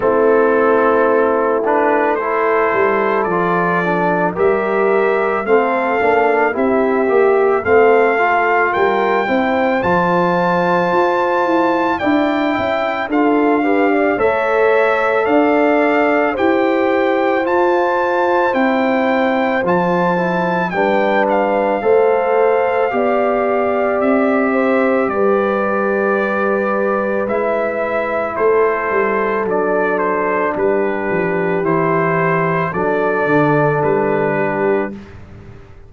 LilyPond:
<<
  \new Staff \with { instrumentName = "trumpet" } { \time 4/4 \tempo 4 = 55 a'4. b'8 c''4 d''4 | e''4 f''4 e''4 f''4 | g''4 a''2 g''4 | f''4 e''4 f''4 g''4 |
a''4 g''4 a''4 g''8 f''8~ | f''2 e''4 d''4~ | d''4 e''4 c''4 d''8 c''8 | b'4 c''4 d''4 b'4 | }
  \new Staff \with { instrumentName = "horn" } { \time 4/4 e'2 a'2 | ais'4 a'4 g'4 a'4 | ais'8 c''2~ c''8 d''8 e''8 | a'8 b'16 d''16 cis''4 d''4 c''4~ |
c''2. b'4 | c''4 d''4. c''8 b'4~ | b'2 a'2 | g'2 a'4. g'8 | }
  \new Staff \with { instrumentName = "trombone" } { \time 4/4 c'4. d'8 e'4 f'8 d'8 | g'4 c'8 d'8 e'8 g'8 c'8 f'8~ | f'8 e'8 f'2 e'4 | f'8 g'8 a'2 g'4 |
f'4 e'4 f'8 e'8 d'4 | a'4 g'2.~ | g'4 e'2 d'4~ | d'4 e'4 d'2 | }
  \new Staff \with { instrumentName = "tuba" } { \time 4/4 a2~ a8 g8 f4 | g4 a8 ais8 c'8 ais8 a4 | g8 c'8 f4 f'8 e'8 d'8 cis'8 | d'4 a4 d'4 e'4 |
f'4 c'4 f4 g4 | a4 b4 c'4 g4~ | g4 gis4 a8 g8 fis4 | g8 f8 e4 fis8 d8 g4 | }
>>